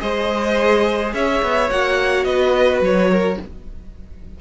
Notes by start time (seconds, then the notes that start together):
0.00 G#3 G#4 C5 D#5
1.13 C#4 C#5 E5
1.42 B3
1.70 A#3 F#4 F#5
2.24 B3 B4 D#5
2.80 F#3 C#5
3.11 A#4